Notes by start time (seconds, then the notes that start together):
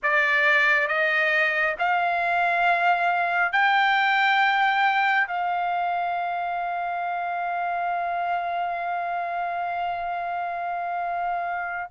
0.02 D5
0.87 D#5
1.78 F5
3.52 G5
5.27 F5